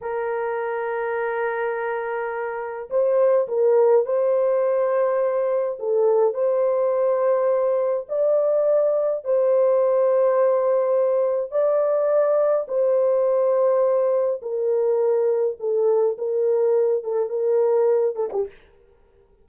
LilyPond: \new Staff \with { instrumentName = "horn" } { \time 4/4 \tempo 4 = 104 ais'1~ | ais'4 c''4 ais'4 c''4~ | c''2 a'4 c''4~ | c''2 d''2 |
c''1 | d''2 c''2~ | c''4 ais'2 a'4 | ais'4. a'8 ais'4. a'16 g'16 | }